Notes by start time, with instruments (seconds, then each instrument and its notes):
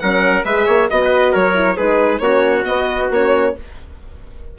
0.00 bassoon F#3, horn C#4, trumpet A#4, violin F#5
0.44 bassoon G#3, horn G#4, trumpet B4, violin E5
0.66 bassoon A#3, trumpet C#5
0.90 bassoon B3, horn F#4, trumpet D#5, violin D#5
1.05 trumpet B4
1.32 bassoon F#3, trumpet A#4, violin C#5
1.54 horn E4
1.77 bassoon G#3, horn D#4, trumpet G#4, violin B4
2.19 bassoon A#3, horn C#4, trumpet F#4, violin C#5
2.64 horn B3, bassoon B3, violin D#5
3.10 bassoon A#3, horn C#4, violin C#5